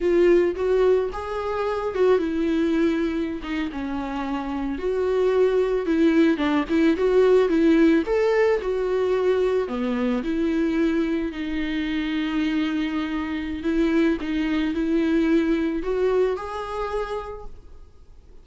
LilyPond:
\new Staff \with { instrumentName = "viola" } { \time 4/4 \tempo 4 = 110 f'4 fis'4 gis'4. fis'8 | e'2~ e'16 dis'8 cis'4~ cis'16~ | cis'8. fis'2 e'4 d'16~ | d'16 e'8 fis'4 e'4 a'4 fis'16~ |
fis'4.~ fis'16 b4 e'4~ e'16~ | e'8. dis'2.~ dis'16~ | dis'4 e'4 dis'4 e'4~ | e'4 fis'4 gis'2 | }